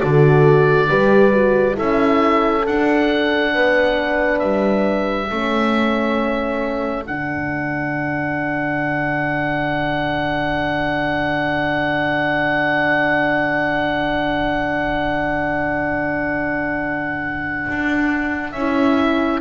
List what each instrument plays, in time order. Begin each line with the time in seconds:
0.00 double bass D3, horn F#4 A4, oboe D5
0.88 double bass G3, horn G4 B4
1.32 horn F#4
1.73 double bass C#4, horn E4 A4, oboe E5
2.67 double bass D4, horn D4, oboe F#5
3.54 double bass B3, horn B4
4.39 double bass G3, oboe E5
5.30 double bass A3, horn C#4 A4
7.07 double bass D3, horn D4, oboe F#5
17.69 double bass D4
18.52 double bass C#4, horn E4, oboe E5